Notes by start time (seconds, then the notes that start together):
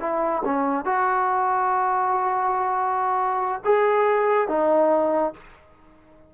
0.00 E4
0.44 C#4
0.85 F#4
3.65 G#4
4.48 D#4